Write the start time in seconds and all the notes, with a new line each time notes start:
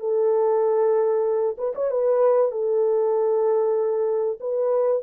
0.00 A4
1.58 B4
1.75 C#5
1.91 B4
2.51 A4
4.40 B4